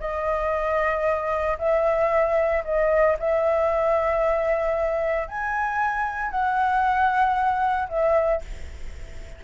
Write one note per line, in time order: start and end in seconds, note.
0.00 1.58 D#5
1.59 2.64 E5
2.64 3.17 D#5
3.19 5.28 E5
5.28 6.31 G#5
6.31 7.89 F#5
7.89 8.42 E5